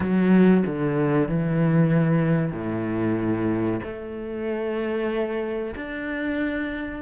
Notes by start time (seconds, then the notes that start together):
0.00 F#3
0.66 D3
1.28 E3
2.52 A2
3.83 A3
5.75 D4